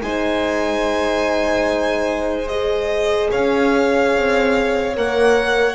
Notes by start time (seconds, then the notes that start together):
0.00 G#3 D#4 C5 G#5
2.47 G#4 D#5
3.30 C#4 C#5 F5
4.15 C4
4.95 A#3 A#4 F#5